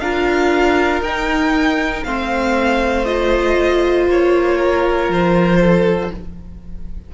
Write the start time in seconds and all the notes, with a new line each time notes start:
0.00 D4 F4 A#4 F5
1.00 D#4 G5
2.04 A3 C4 C5 F5
3.05 F4 D#5
4.07 A#3 C#5
4.58 A#4
5.08 F3 C5
5.60 A4